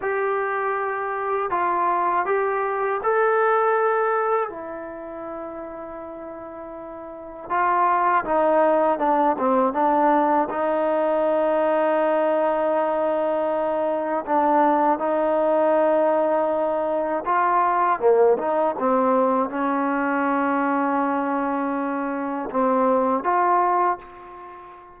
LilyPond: \new Staff \with { instrumentName = "trombone" } { \time 4/4 \tempo 4 = 80 g'2 f'4 g'4 | a'2 e'2~ | e'2 f'4 dis'4 | d'8 c'8 d'4 dis'2~ |
dis'2. d'4 | dis'2. f'4 | ais8 dis'8 c'4 cis'2~ | cis'2 c'4 f'4 | }